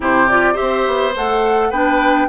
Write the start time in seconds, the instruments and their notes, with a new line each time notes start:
0.00 bassoon C3, clarinet E4, oboe G4, flute C5
0.28 clarinet F4, flute D5
0.53 clarinet G4, oboe C5, flute E5
0.60 bassoon C4
0.87 bassoon B3
1.15 bassoon A3, clarinet A4, flute F#5
1.70 bassoon B3, clarinet D4, oboe B4, flute G5